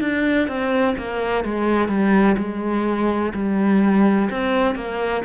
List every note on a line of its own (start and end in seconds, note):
0.00 0.48 D4
0.48 0.95 C4
0.97 1.44 A#3
1.44 1.88 G#3
1.88 2.35 G3
2.37 3.32 G#3
3.34 4.29 G3
4.30 4.75 C4
4.75 5.23 A#3